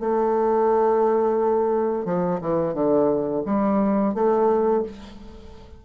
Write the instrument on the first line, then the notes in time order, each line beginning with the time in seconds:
bassoon
0.00 A3
2.06 F3
2.41 E3
2.74 D3
3.46 G3
4.15 A3